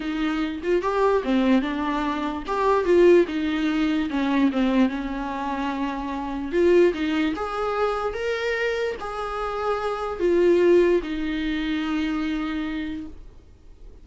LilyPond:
\new Staff \with { instrumentName = "viola" } { \time 4/4 \tempo 4 = 147 dis'4. f'8 g'4 c'4 | d'2 g'4 f'4 | dis'2 cis'4 c'4 | cis'1 |
f'4 dis'4 gis'2 | ais'2 gis'2~ | gis'4 f'2 dis'4~ | dis'1 | }